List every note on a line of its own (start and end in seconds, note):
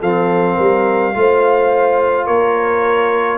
0.00 0.58 F3
0.00 1.15 C4
0.00 0.56 A4
0.00 2.27 F5
0.56 1.16 G3
0.56 1.13 A#4
1.15 2.28 A3
1.15 3.38 F4
1.15 2.26 C5
2.26 3.38 A#3
2.26 3.38 A#4
2.26 3.38 C#5